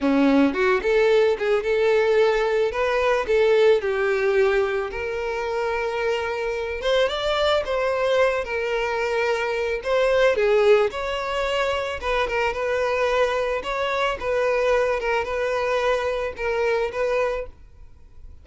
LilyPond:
\new Staff \with { instrumentName = "violin" } { \time 4/4 \tempo 4 = 110 cis'4 fis'8 a'4 gis'8 a'4~ | a'4 b'4 a'4 g'4~ | g'4 ais'2.~ | ais'8 c''8 d''4 c''4. ais'8~ |
ais'2 c''4 gis'4 | cis''2 b'8 ais'8 b'4~ | b'4 cis''4 b'4. ais'8 | b'2 ais'4 b'4 | }